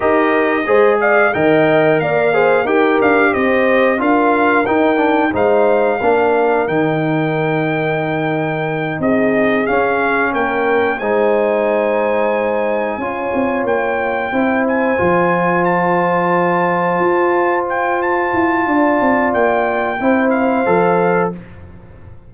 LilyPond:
<<
  \new Staff \with { instrumentName = "trumpet" } { \time 4/4 \tempo 4 = 90 dis''4. f''8 g''4 f''4 | g''8 f''8 dis''4 f''4 g''4 | f''2 g''2~ | g''4. dis''4 f''4 g''8~ |
g''8 gis''2.~ gis''8~ | gis''8 g''4. gis''4. a''8~ | a''2~ a''8 g''8 a''4~ | a''4 g''4. f''4. | }
  \new Staff \with { instrumentName = "horn" } { \time 4/4 ais'4 c''8 d''8 dis''4 d''8 c''8 | ais'4 c''4 ais'2 | c''4 ais'2.~ | ais'4. gis'2 ais'8~ |
ais'8 c''2. cis''8~ | cis''4. c''2~ c''8~ | c''1 | d''2 c''2 | }
  \new Staff \with { instrumentName = "trombone" } { \time 4/4 g'4 gis'4 ais'4. gis'8 | g'2 f'4 dis'8 d'8 | dis'4 d'4 dis'2~ | dis'2~ dis'8 cis'4.~ |
cis'8 dis'2. f'8~ | f'4. e'4 f'4.~ | f'1~ | f'2 e'4 a'4 | }
  \new Staff \with { instrumentName = "tuba" } { \time 4/4 dis'4 gis4 dis4 ais4 | dis'8 d'8 c'4 d'4 dis'4 | gis4 ais4 dis2~ | dis4. c'4 cis'4 ais8~ |
ais8 gis2. cis'8 | c'8 ais4 c'4 f4.~ | f4. f'2 e'8 | d'8 c'8 ais4 c'4 f4 | }
>>